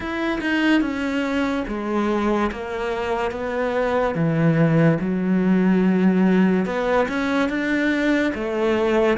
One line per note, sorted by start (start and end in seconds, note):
0.00 0.39 E4
0.40 0.81 D#4
0.81 1.64 C#4
1.67 2.50 G#3
2.51 3.31 A#3
3.31 4.14 B3
4.14 4.98 E3
5.00 6.65 F#3
6.65 7.07 B3
7.08 7.48 C#4
7.48 8.32 D4
8.34 9.17 A3